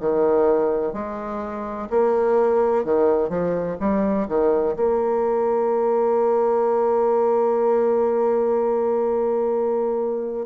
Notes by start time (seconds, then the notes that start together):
0.00 D#3
0.93 G#3
1.90 A#3
2.84 D#3
3.29 F3
3.80 G3
4.28 D#3
4.76 A#3